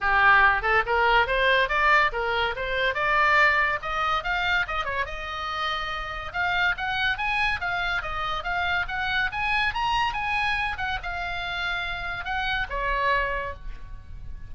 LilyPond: \new Staff \with { instrumentName = "oboe" } { \time 4/4 \tempo 4 = 142 g'4. a'8 ais'4 c''4 | d''4 ais'4 c''4 d''4~ | d''4 dis''4 f''4 dis''8 cis''8 | dis''2. f''4 |
fis''4 gis''4 f''4 dis''4 | f''4 fis''4 gis''4 ais''4 | gis''4. fis''8 f''2~ | f''4 fis''4 cis''2 | }